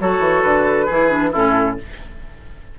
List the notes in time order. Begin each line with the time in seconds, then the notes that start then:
0.00 F#3 F#4 A4 C#5
0.20 E3
0.42 D3 B4
0.86 E3 E4 G#4
1.10 D4
1.32 A2 C#4 E4 A4